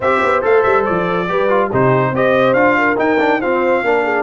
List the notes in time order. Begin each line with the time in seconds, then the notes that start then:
0.00 C4 G4 C5 E5
0.23 B3
0.41 A3 A4 F5
0.62 G3 E5
0.85 F3 D5
1.28 G3 G4 B4
1.49 F4
1.68 C3 D#4 G4 C5
2.11 C4 G4 C5 D#5
2.53 D4 F4 F5
2.78 A#4
2.96 D#4 G5
3.19 D4
3.39 C4 F4 C5 F5
3.83 A#3 D4 A#4
4.03 G#4